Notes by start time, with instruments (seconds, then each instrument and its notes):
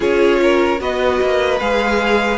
0.00 cello C#4, viola F4, violin G#4 C#5
0.42 violin A#4
0.79 cello B3, viola F#4, violin B4 D#5
1.21 cello A#3
1.59 cello G#3, viola G#4, violin F5